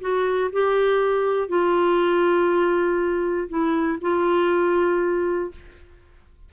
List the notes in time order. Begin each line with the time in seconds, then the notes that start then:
0.00 F#4
0.52 G4
1.48 F4
3.48 E4
4.01 F4